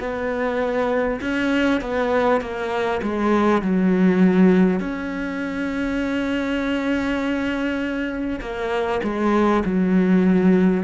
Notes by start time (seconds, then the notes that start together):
0.00 B3
1.22 C#4
1.82 B3
2.42 A#3
3.03 G#3
3.62 F#3
4.80 C#4
8.41 A#3
9.04 G#3
9.65 F#3